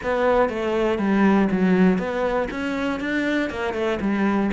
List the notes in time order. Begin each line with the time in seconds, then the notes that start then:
0.02 B3
0.49 A3
0.98 G3
1.51 F#3
1.98 B3
2.50 C#4
3.00 D4
3.50 A#3
3.73 A3
4.00 G3